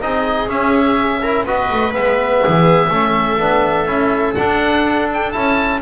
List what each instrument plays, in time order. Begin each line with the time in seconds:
0.00 double bass C4, trombone D#4, viola G#4, oboe D#5
0.48 double bass C#4, trombone C#4, oboe E5
1.23 trombone E4, viola A#4
1.46 double bass B3, trombone F#4, viola B4, oboe D#5
1.72 double bass A3
1.93 double bass G#3, trombone B3, oboe E5
2.45 double bass E3, viola G#4
2.90 double bass A3, trombone C#4, viola A4
3.39 double bass B3, trombone D4
3.87 double bass C#4, trombone E4
4.35 trombone D4, double bass D4, oboe F#5
5.13 oboe G5
5.32 double bass C#4, trombone E4, oboe A5